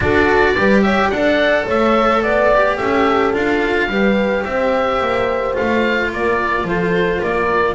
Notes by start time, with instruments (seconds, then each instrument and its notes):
0.00 double bass D4, cello F#4, horn A4, oboe D5
0.55 double bass G3, cello G4, horn B4
0.82 horn C#5, oboe E5
1.09 double bass D4, cello A4, horn D5, oboe F#5
1.65 double bass A3, horn C#5, oboe E5
2.22 double bass B3, horn D5, oboe D5
2.54 cello G4
2.77 double bass C#4, horn A4, oboe E5
3.33 double bass D4, cello F4, oboe F5
3.88 double bass G3, cello G4, horn B4
4.44 double bass C4, horn C5, oboe E5
5.00 double bass A#3
5.53 cello F4, oboe F5
5.59 double bass A3
6.11 double bass A#3, horn A#4, oboe D5
6.63 double bass F3, horn A4, oboe C5
7.20 double bass A#3, horn A#4, oboe D5